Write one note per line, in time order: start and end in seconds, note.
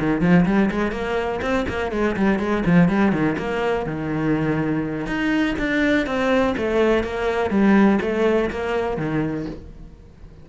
0.00 0.21 D#3
0.21 0.46 F3
0.46 0.70 G3
0.71 0.92 G#3
0.92 1.41 A#3
1.42 1.66 C4
1.69 1.92 A#3
1.92 2.17 G#3
2.17 2.40 G3
2.40 2.64 G#3
2.66 2.89 F3
2.89 3.13 G3
3.13 3.37 D#3
3.39 3.87 A#3
3.87 5.07 D#3
5.07 5.56 D#4
5.59 6.07 D4
6.07 6.55 C4
6.58 7.04 A3
7.04 7.51 A#3
7.51 8.00 G3
8.02 8.50 A3
8.51 8.98 A#3
8.98 9.47 D#3